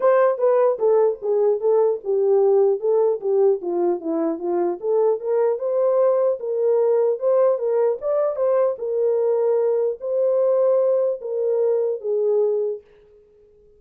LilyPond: \new Staff \with { instrumentName = "horn" } { \time 4/4 \tempo 4 = 150 c''4 b'4 a'4 gis'4 | a'4 g'2 a'4 | g'4 f'4 e'4 f'4 | a'4 ais'4 c''2 |
ais'2 c''4 ais'4 | d''4 c''4 ais'2~ | ais'4 c''2. | ais'2 gis'2 | }